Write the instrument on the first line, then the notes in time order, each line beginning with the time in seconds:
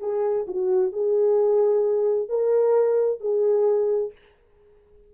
horn
0.00 G#4
0.47 F#4
0.92 G#4
2.29 A#4
3.20 G#4